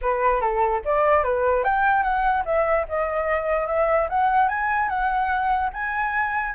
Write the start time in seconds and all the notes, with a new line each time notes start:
0.01 B4
0.41 A4
0.84 D5
1.23 B4
1.63 G5
2.03 F#5
2.45 E5
2.88 D#5
3.67 E5
4.09 F#5
4.48 G#5
4.88 F#5
5.73 G#5